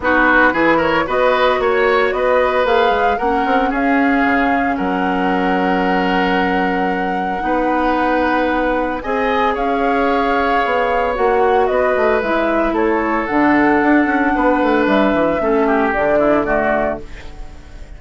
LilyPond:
<<
  \new Staff \with { instrumentName = "flute" } { \time 4/4 \tempo 4 = 113 b'4. cis''8 dis''4 cis''4 | dis''4 f''4 fis''4 f''4~ | f''4 fis''2.~ | fis''1~ |
fis''4 gis''4 f''2~ | f''4 fis''4 dis''4 e''4 | cis''4 fis''2. | e''2 d''2 | }
  \new Staff \with { instrumentName = "oboe" } { \time 4/4 fis'4 gis'8 ais'8 b'4 cis''4 | b'2 ais'4 gis'4~ | gis'4 ais'2.~ | ais'2 b'2~ |
b'4 dis''4 cis''2~ | cis''2 b'2 | a'2. b'4~ | b'4 a'8 g'4 e'8 fis'4 | }
  \new Staff \with { instrumentName = "clarinet" } { \time 4/4 dis'4 e'4 fis'2~ | fis'4 gis'4 cis'2~ | cis'1~ | cis'2 dis'2~ |
dis'4 gis'2.~ | gis'4 fis'2 e'4~ | e'4 d'2.~ | d'4 cis'4 d'4 a4 | }
  \new Staff \with { instrumentName = "bassoon" } { \time 4/4 b4 e4 b4 ais4 | b4 ais8 gis8 ais8 c'8 cis'4 | cis4 fis2.~ | fis2 b2~ |
b4 c'4 cis'2 | b4 ais4 b8 a8 gis4 | a4 d4 d'8 cis'8 b8 a8 | g8 e8 a4 d2 | }
>>